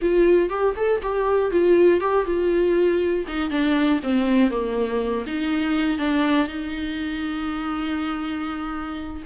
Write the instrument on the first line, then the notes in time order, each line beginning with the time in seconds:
viola
0.01 F4
0.49 G4
0.76 A4
1.02 G4
1.51 F4
2.00 G4
2.25 F4
3.27 D#4
3.50 D4
4.02 C4
4.50 A#3
5.26 D#4
5.98 D4
6.47 D#4